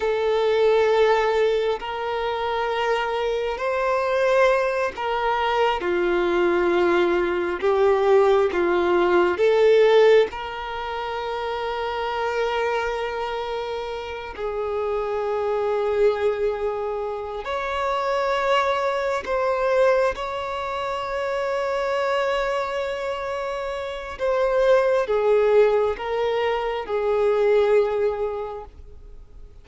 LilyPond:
\new Staff \with { instrumentName = "violin" } { \time 4/4 \tempo 4 = 67 a'2 ais'2 | c''4. ais'4 f'4.~ | f'8 g'4 f'4 a'4 ais'8~ | ais'1 |
gis'2.~ gis'8 cis''8~ | cis''4. c''4 cis''4.~ | cis''2. c''4 | gis'4 ais'4 gis'2 | }